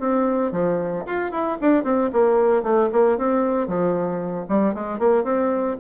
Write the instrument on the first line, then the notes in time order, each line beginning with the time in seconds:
bassoon
0.00 C4
0.52 F3
1.06 F4
1.32 E4
1.61 D4
1.84 C4
2.13 A#3
2.63 A3
2.92 A#3
3.18 C4
3.67 F3
4.49 G3
4.74 G#3
4.99 A#3
5.24 C4